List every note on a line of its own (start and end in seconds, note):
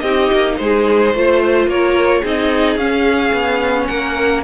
0.00 0.30 C4
0.00 1.14 D#4
0.00 0.58 G4
0.00 0.55 D#5
0.33 0.60 A#3
0.58 1.15 G#3
0.58 1.16 G#4
0.58 1.68 C5
1.15 1.67 A3
1.15 2.24 F4
1.15 1.69 C5
1.67 2.22 A#3
1.67 2.21 A#4
1.67 2.25 C#5
2.21 2.77 C4
2.21 2.79 D#4
2.21 3.86 G#4
2.21 2.78 D#5
2.77 3.32 C#4
2.77 4.44 C#4
2.77 3.87 F5
3.33 3.88 B3
3.87 4.44 A#3
3.87 4.44 A#4
3.87 4.42 F#5